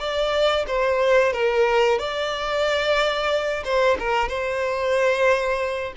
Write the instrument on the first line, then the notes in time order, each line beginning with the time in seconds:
violin
0.00 D5
0.67 C5
1.33 A#4
1.99 D5
3.65 C5
4.00 A#4
4.29 C5